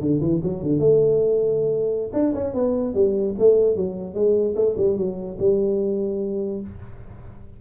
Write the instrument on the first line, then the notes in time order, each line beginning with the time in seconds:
tuba
0.00 D3
0.20 E3
0.43 F#3
0.62 D3
0.79 A3
2.13 D4
2.34 C#4
2.54 B3
2.94 G3
3.38 A3
3.76 F#3
4.14 G#3
4.55 A3
4.77 G3
4.97 F#3
5.39 G3